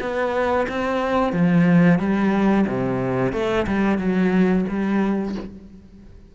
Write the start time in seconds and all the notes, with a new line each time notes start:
0.00 B3
0.68 C4
1.33 F3
1.99 G3
2.67 C3
3.33 A3
3.67 G3
3.98 F#3
4.68 G3